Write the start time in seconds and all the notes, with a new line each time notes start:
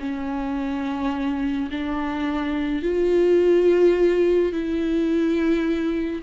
0.00 C#4
1.71 D4
2.83 F4
4.53 E4